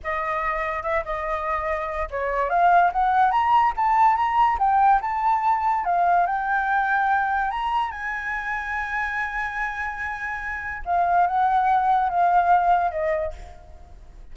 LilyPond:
\new Staff \with { instrumentName = "flute" } { \time 4/4 \tempo 4 = 144 dis''2 e''8 dis''4.~ | dis''4 cis''4 f''4 fis''4 | ais''4 a''4 ais''4 g''4 | a''2 f''4 g''4~ |
g''2 ais''4 gis''4~ | gis''1~ | gis''2 f''4 fis''4~ | fis''4 f''2 dis''4 | }